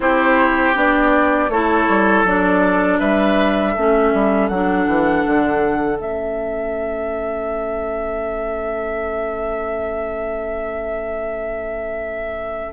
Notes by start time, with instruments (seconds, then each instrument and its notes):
0.00 bassoon C4, clarinet E4, oboe G4, flute C5
0.74 bassoon B3, clarinet D4, flute D5
1.49 bassoon A3, clarinet E4, oboe A4, flute C#5
1.88 bassoon G3
2.24 bassoon F#3, clarinet D4, flute D5
2.99 bassoon G3, oboe B4, flute E5
3.73 bassoon A3, clarinet C#4, oboe A4
4.13 bassoon G3
4.48 bassoon F#3, clarinet D4, flute F#5
4.86 bassoon E3
5.26 bassoon D3
5.99 bassoon A3, clarinet C#4, flute E5